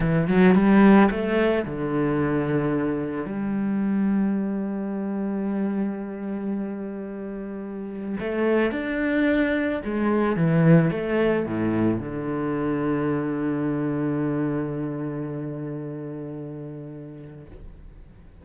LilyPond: \new Staff \with { instrumentName = "cello" } { \time 4/4 \tempo 4 = 110 e8 fis8 g4 a4 d4~ | d2 g2~ | g1~ | g2. a4 |
d'2 gis4 e4 | a4 a,4 d2~ | d1~ | d1 | }